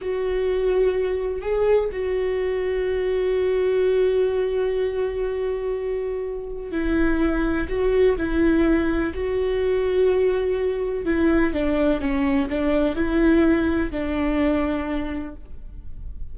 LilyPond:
\new Staff \with { instrumentName = "viola" } { \time 4/4 \tempo 4 = 125 fis'2. gis'4 | fis'1~ | fis'1~ | fis'2 e'2 |
fis'4 e'2 fis'4~ | fis'2. e'4 | d'4 cis'4 d'4 e'4~ | e'4 d'2. | }